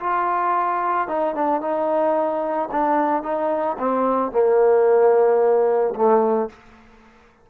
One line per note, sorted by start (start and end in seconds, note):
0.00 1.08 F4
1.08 1.35 D#4
1.35 1.61 D4
1.61 2.70 D#4
2.71 3.23 D4
3.23 3.77 D#4
3.79 4.32 C4
4.32 5.94 A#3
5.96 6.50 A3